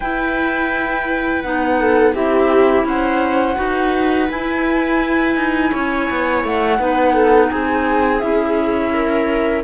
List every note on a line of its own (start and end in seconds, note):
0.00 1.43 E4
0.00 1.44 E4
0.00 1.78 B4
0.00 1.42 G5
1.42 2.14 B3
1.42 2.14 D#4
1.42 2.13 F#5
1.79 2.13 A4
2.13 2.84 C4
2.13 3.55 E4
2.13 2.85 G4
2.13 2.86 E5
2.84 3.56 C#4
2.84 3.56 C5
2.84 4.29 F#5
3.55 4.29 D#4
3.55 4.26 F#4
3.55 5.70 B4
4.29 6.78 E4
4.29 5.36 E4
4.29 6.44 G#5
5.36 5.71 D#4
5.70 6.09 C#4
5.70 6.77 C#5
6.10 6.43 B3
6.43 6.78 A3
6.43 7.50 F#5
6.78 7.50 B3
6.78 8.20 D#4
6.78 7.12 B4
7.12 7.48 A4
7.50 8.22 C4
7.50 8.93 G#4
7.50 8.20 G#5
8.20 9.64 C#4
8.20 9.63 E4
8.20 9.62 E5
8.93 9.64 A#4